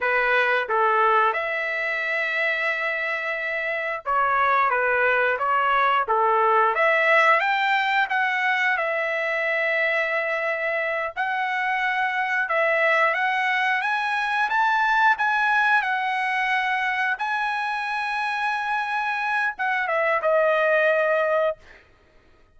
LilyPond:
\new Staff \with { instrumentName = "trumpet" } { \time 4/4 \tempo 4 = 89 b'4 a'4 e''2~ | e''2 cis''4 b'4 | cis''4 a'4 e''4 g''4 | fis''4 e''2.~ |
e''8 fis''2 e''4 fis''8~ | fis''8 gis''4 a''4 gis''4 fis''8~ | fis''4. gis''2~ gis''8~ | gis''4 fis''8 e''8 dis''2 | }